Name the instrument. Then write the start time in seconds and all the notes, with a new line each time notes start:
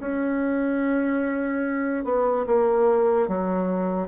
bassoon
0.00 C#4
2.04 B3
2.46 A#3
3.28 F#3